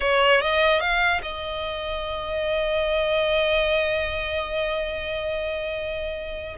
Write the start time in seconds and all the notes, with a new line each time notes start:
0.00 C#5
0.41 D#5
0.80 F5
1.22 D#5